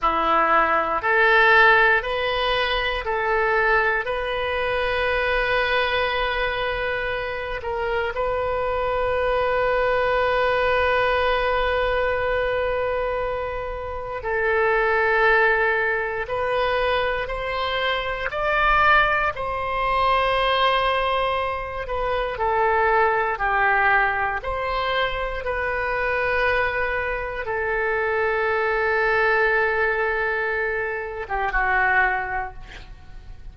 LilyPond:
\new Staff \with { instrumentName = "oboe" } { \time 4/4 \tempo 4 = 59 e'4 a'4 b'4 a'4 | b'2.~ b'8 ais'8 | b'1~ | b'2 a'2 |
b'4 c''4 d''4 c''4~ | c''4. b'8 a'4 g'4 | c''4 b'2 a'4~ | a'2~ a'8. g'16 fis'4 | }